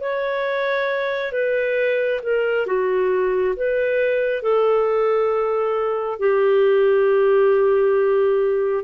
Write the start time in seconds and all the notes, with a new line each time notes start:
0.00 C#5
1.32 B4
2.23 A#4
2.66 F#4
3.56 B4
4.42 A4
6.19 G4